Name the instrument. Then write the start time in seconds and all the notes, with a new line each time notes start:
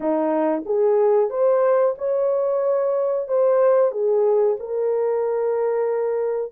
horn
0.00 D#4
0.65 G#4
1.30 C5
1.97 C#5
3.28 C5
3.91 G#4
4.59 A#4